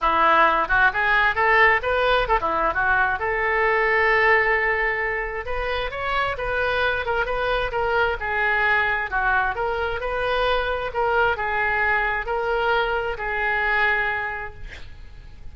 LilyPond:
\new Staff \with { instrumentName = "oboe" } { \time 4/4 \tempo 4 = 132 e'4. fis'8 gis'4 a'4 | b'4 a'16 e'8. fis'4 a'4~ | a'1 | b'4 cis''4 b'4. ais'8 |
b'4 ais'4 gis'2 | fis'4 ais'4 b'2 | ais'4 gis'2 ais'4~ | ais'4 gis'2. | }